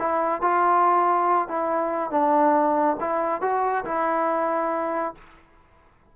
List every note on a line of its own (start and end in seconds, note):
0.00 0.42 E4
0.42 1.49 F4
1.49 2.11 E4
2.11 2.97 D4
3.01 3.42 E4
3.42 3.85 F#4
3.86 5.15 E4